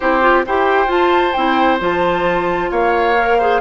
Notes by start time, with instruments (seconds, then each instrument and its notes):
0.00 bassoon C4, clarinet E4, oboe G4, flute C5
0.21 clarinet F4
0.46 bassoon E4, clarinet G4, oboe C5, flute G5
0.86 bassoon F4, clarinet F4, flute A5
1.32 bassoon C4, clarinet E4, flute G5
1.79 bassoon F3, clarinet F4, flute A5
2.70 bassoon A#3, oboe C#5, flute F5
3.18 clarinet A#4
3.38 clarinet G#4, oboe C5